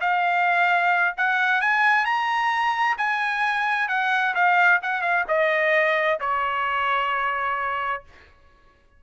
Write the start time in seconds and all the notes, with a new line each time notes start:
0.00 F5
1.17 F#5
1.61 G#5
2.05 A#5
2.97 G#5
3.88 F#5
4.34 F5
4.82 F#5
5.01 F5
5.28 D#5
6.20 C#5